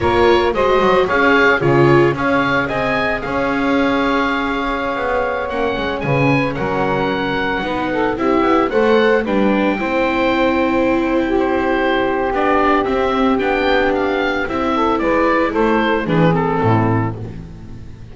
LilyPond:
<<
  \new Staff \with { instrumentName = "oboe" } { \time 4/4 \tempo 4 = 112 cis''4 dis''4 f''4 cis''4 | f''4 gis''4 f''2~ | f''2~ f''16 fis''4 gis''8.~ | gis''16 fis''2. e''8.~ |
e''16 fis''4 g''2~ g''8.~ | g''4~ g''16 c''4.~ c''16 d''4 | e''4 g''4 f''4 e''4 | d''4 c''4 b'8 a'4. | }
  \new Staff \with { instrumentName = "saxophone" } { \time 4/4 ais'4 c''4 cis''4 gis'4 | cis''4 dis''4 cis''2~ | cis''2.~ cis''16 b'8.~ | b'16 ais'2 b'8 a'8 g'8.~ |
g'16 c''4 b'4 c''4.~ c''16~ | c''4 g'2.~ | g'2.~ g'8 a'8 | b'4 a'4 gis'4 e'4 | }
  \new Staff \with { instrumentName = "viola" } { \time 4/4 f'4 fis'4 gis'4 f'4 | gis'1~ | gis'2~ gis'16 cis'4.~ cis'16~ | cis'2~ cis'16 dis'4 e'8.~ |
e'16 a'4 d'4 e'4.~ e'16~ | e'2. d'4 | c'4 d'2 e'4~ | e'2 d'8 c'4. | }
  \new Staff \with { instrumentName = "double bass" } { \time 4/4 ais4 gis8 fis8 cis'4 cis4 | cis'4 c'4 cis'2~ | cis'4~ cis'16 b4 ais8 gis8 cis8.~ | cis16 fis2 b4 c'8 b16~ |
b16 a4 g4 c'4.~ c'16~ | c'2. b4 | c'4 b2 c'4 | gis4 a4 e4 a,4 | }
>>